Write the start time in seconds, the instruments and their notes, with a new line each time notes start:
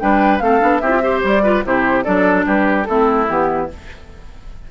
0.00 bassoon G3, clarinet D4, oboe B4, flute G5
0.39 bassoon A3, clarinet C4, oboe A4, flute F5
0.60 bassoon B3, clarinet D4
0.79 bassoon C4, clarinet E4, oboe G4, flute E5
0.90 clarinet F4
1.03 clarinet G4, oboe C5
1.24 bassoon G3, flute D5
1.43 clarinet F4, oboe B4
1.65 bassoon C3, clarinet E4, oboe G4, flute C5
2.04 bassoon F#3, clarinet D4, oboe A4, flute D5
2.46 bassoon G3, oboe G4, flute B4
2.84 bassoon A3, clarinet C4, oboe E4, flute A4
3.28 bassoon E3, clarinet B3, flute G4